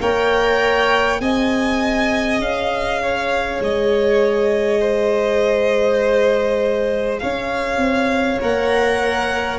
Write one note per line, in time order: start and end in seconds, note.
0.00 1.20 A#3
0.00 1.18 A#4
0.00 1.21 C#5
0.00 1.21 G5
1.18 2.39 C4
1.18 8.38 G#4
1.18 3.02 D#5
1.18 2.41 G#5
2.39 3.59 C#4
2.39 3.61 F5
3.02 4.81 C#5
3.60 7.20 G#3
3.60 7.19 D#5
4.81 7.21 C5
7.19 7.77 C#4
7.19 9.59 C#5
7.19 8.39 F5
7.77 8.37 C4
8.41 9.59 A#3
8.41 9.59 A#4
8.41 9.59 F#5